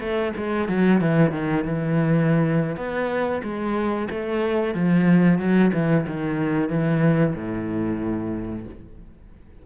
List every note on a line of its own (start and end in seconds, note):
0.00 0.33 A3
0.37 0.68 G#3
0.68 1.00 F#3
1.00 1.32 E3
1.32 1.64 D#3
1.64 2.77 E3
2.77 3.42 B3
3.43 4.08 G#3
4.10 4.74 A3
4.74 5.39 F3
5.39 5.72 F#3
5.73 6.06 E3
6.07 6.69 D#3
6.69 7.35 E3
7.35 8.66 A2